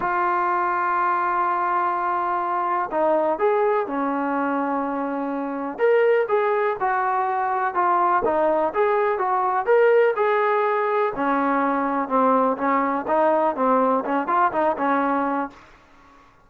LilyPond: \new Staff \with { instrumentName = "trombone" } { \time 4/4 \tempo 4 = 124 f'1~ | f'2 dis'4 gis'4 | cis'1 | ais'4 gis'4 fis'2 |
f'4 dis'4 gis'4 fis'4 | ais'4 gis'2 cis'4~ | cis'4 c'4 cis'4 dis'4 | c'4 cis'8 f'8 dis'8 cis'4. | }